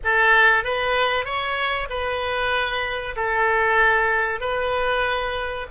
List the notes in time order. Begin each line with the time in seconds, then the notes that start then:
0.03 A4
0.63 B4
1.25 C#5
1.89 B4
3.16 A4
4.40 B4